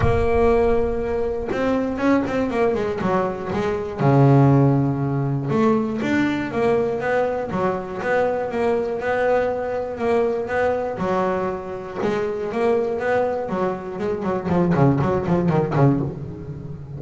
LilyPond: \new Staff \with { instrumentName = "double bass" } { \time 4/4 \tempo 4 = 120 ais2. c'4 | cis'8 c'8 ais8 gis8 fis4 gis4 | cis2. a4 | d'4 ais4 b4 fis4 |
b4 ais4 b2 | ais4 b4 fis2 | gis4 ais4 b4 fis4 | gis8 fis8 f8 cis8 fis8 f8 dis8 cis8 | }